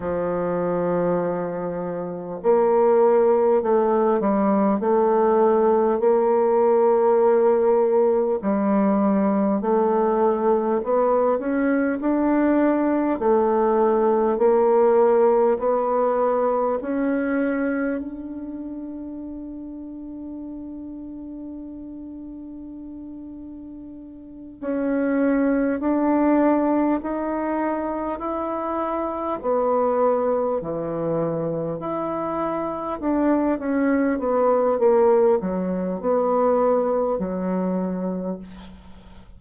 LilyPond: \new Staff \with { instrumentName = "bassoon" } { \time 4/4 \tempo 4 = 50 f2 ais4 a8 g8 | a4 ais2 g4 | a4 b8 cis'8 d'4 a4 | ais4 b4 cis'4 d'4~ |
d'1~ | d'8 cis'4 d'4 dis'4 e'8~ | e'8 b4 e4 e'4 d'8 | cis'8 b8 ais8 fis8 b4 fis4 | }